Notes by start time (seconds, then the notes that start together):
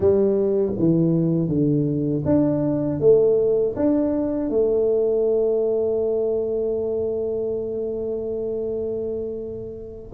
0.00 G3
0.78 E3
1.48 D3
2.25 D4
3.00 A3
3.76 D4
4.49 A3